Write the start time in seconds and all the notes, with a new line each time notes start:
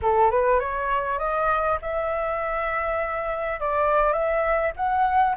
0.02 A4
0.30 B4
0.59 C#5
1.19 D#5
1.81 E5
3.59 D5
4.12 E5
4.76 F#5